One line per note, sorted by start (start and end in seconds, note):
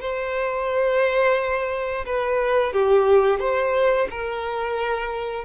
0.00 2.05 C5
2.05 2.72 B4
2.72 3.39 G4
3.39 4.07 C5
4.10 5.44 A#4